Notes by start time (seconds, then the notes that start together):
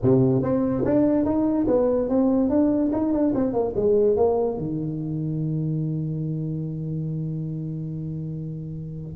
0.02 C3
0.42 C4
0.84 D4
1.25 D#4
1.67 B3
2.09 C4
2.49 D4
2.92 D#4
3.12 D4
3.34 C4
3.53 A#3
3.75 G#3
4.16 A#3
4.57 D#3